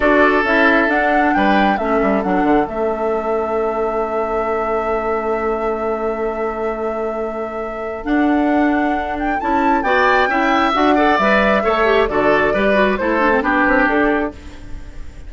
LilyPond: <<
  \new Staff \with { instrumentName = "flute" } { \time 4/4 \tempo 4 = 134 d''4 e''4 fis''4 g''4 | e''4 fis''4 e''2~ | e''1~ | e''1~ |
e''2 fis''2~ | fis''8 g''8 a''4 g''2 | fis''4 e''2 d''4~ | d''4 c''4 b'4 a'4 | }
  \new Staff \with { instrumentName = "oboe" } { \time 4/4 a'2. b'4 | a'1~ | a'1~ | a'1~ |
a'1~ | a'2 d''4 e''4~ | e''8 d''4. cis''4 a'4 | b'4 a'4 g'2 | }
  \new Staff \with { instrumentName = "clarinet" } { \time 4/4 fis'4 e'4 d'2 | cis'4 d'4 cis'2~ | cis'1~ | cis'1~ |
cis'2 d'2~ | d'4 e'4 fis'4 e'4 | fis'8 a'8 b'4 a'8 g'8 fis'4 | g'8 fis'8 e'8 d'16 c'16 d'2 | }
  \new Staff \with { instrumentName = "bassoon" } { \time 4/4 d'4 cis'4 d'4 g4 | a8 g8 fis8 d8 a2~ | a1~ | a1~ |
a2 d'2~ | d'4 cis'4 b4 cis'4 | d'4 g4 a4 d4 | g4 a4 b8 c'8 d'4 | }
>>